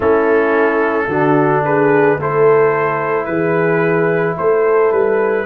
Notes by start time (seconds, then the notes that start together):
0.00 A3 C#4 E4 A4
1.08 D3 D4 F#4
1.65 G#4 B4
2.17 A3 E4 A4 C5
3.25 E3 G#4 B4
4.37 A3 A4 C5
4.91 G3 B4